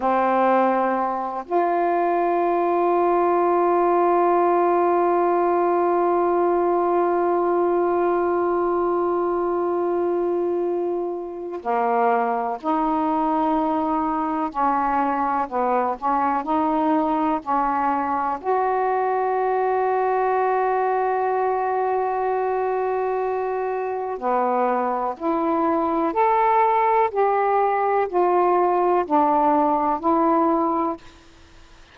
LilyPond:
\new Staff \with { instrumentName = "saxophone" } { \time 4/4 \tempo 4 = 62 c'4. f'2~ f'8~ | f'1~ | f'1 | ais4 dis'2 cis'4 |
b8 cis'8 dis'4 cis'4 fis'4~ | fis'1~ | fis'4 b4 e'4 a'4 | g'4 f'4 d'4 e'4 | }